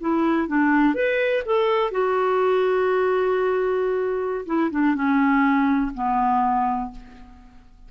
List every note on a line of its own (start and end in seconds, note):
0.00 0.47 E4
0.47 0.94 D4
0.94 1.43 B4
1.45 1.91 A4
1.91 4.45 F#4
4.46 4.70 E4
4.70 4.95 D4
4.95 5.91 C#4
5.94 6.91 B3